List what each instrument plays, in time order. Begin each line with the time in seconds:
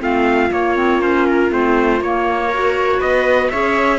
0.00 cello A3, clarinet C4, viola F4, trumpet F5
0.51 clarinet A#3, cello A#3, trumpet C#5
0.76 clarinet C4
1.01 clarinet C#4, trumpet C5
1.26 trumpet A#4
1.50 cello A3, clarinet C4, trumpet C5
2.01 cello A#3, clarinet A#3, trumpet C#5
2.48 clarinet F#4, viola A#4
2.99 cello B3, viola B4, trumpet D#5
3.50 cello C#4, clarinet G#4, viola C#5, trumpet E5